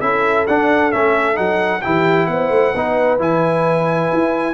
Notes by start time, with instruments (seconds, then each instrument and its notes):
0.00 tuba C#4, trombone E4, horn A4, trumpet E5
0.47 tuba D4, trombone D4, trumpet F#5
0.91 tuba A3, trombone C#4, trumpet E5
1.34 tuba F#3, trombone D#4, trumpet F#5
1.81 tuba E3, trombone E4, horn G4, trumpet G5
2.26 tuba B3, horn C5, trumpet F#5
2.49 tuba A3
2.74 tuba B3, trombone D#4, horn B4
3.18 tuba E3, trombone E4, trumpet G#5
4.13 tuba E4